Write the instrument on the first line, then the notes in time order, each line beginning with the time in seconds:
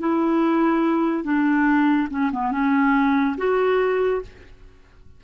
clarinet
0.00 E4
1.24 D4
2.10 C#4
2.33 B3
2.52 C#4
3.38 F#4